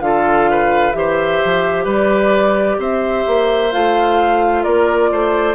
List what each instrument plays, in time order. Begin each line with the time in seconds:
0.00 bassoon D3, clarinet F4, oboe A4, flute F5
0.51 oboe B4
0.92 bassoon E3, clarinet G4, oboe C5, flute E5
1.45 bassoon F3
1.84 bassoon G3, oboe B4, flute D5
2.78 bassoon C4, oboe C5, flute E5
3.27 bassoon A#3
3.72 bassoon A3, clarinet F4, flute F5
4.63 bassoon A#3, oboe A#4, flute D5
5.12 bassoon A3, oboe C5